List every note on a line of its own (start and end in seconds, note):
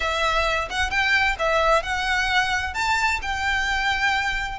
0.00 0.68 E5
0.70 0.90 F#5
0.90 1.36 G5
1.38 1.82 E5
1.82 2.74 F#5
2.74 3.19 A5
3.22 4.58 G5